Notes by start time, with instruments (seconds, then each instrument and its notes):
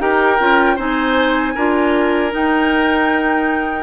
0.00 bassoon D#4, clarinet G4, oboe A#4, flute G5
0.39 bassoon C#4, clarinet F4
0.76 bassoon C4, clarinet D#4, oboe C5, flute G#5
1.55 bassoon D4, clarinet F4, oboe A#4
2.31 clarinet D#4, bassoon D#4, flute G5